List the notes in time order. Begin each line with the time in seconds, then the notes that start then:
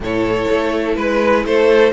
0.00 A2 E4 A4 C#5
0.50 A3
0.95 G#3 B4
1.45 A3 A4 C5